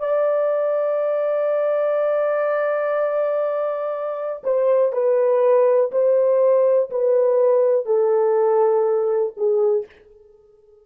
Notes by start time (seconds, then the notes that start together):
0.00 D5
4.44 C5
4.93 B4
5.92 C5
6.91 B4
7.86 A4
9.37 G#4